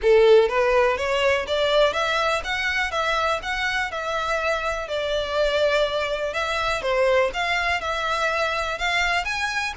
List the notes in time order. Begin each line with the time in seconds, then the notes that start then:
0.02 A4
0.48 B4
0.97 C#5
1.47 D5
1.93 E5
2.44 F#5
2.91 E5
3.42 F#5
3.91 E5
4.88 D5
6.33 E5
6.82 C5
7.33 F5
7.80 E5
8.78 F5
9.24 G#5